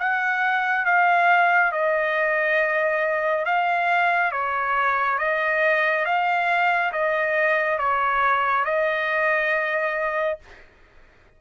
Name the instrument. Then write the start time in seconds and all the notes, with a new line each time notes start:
trumpet
0.00 F#5
0.86 F5
1.72 D#5
3.46 F5
4.32 C#5
5.19 D#5
6.06 F5
6.93 D#5
7.79 C#5
8.66 D#5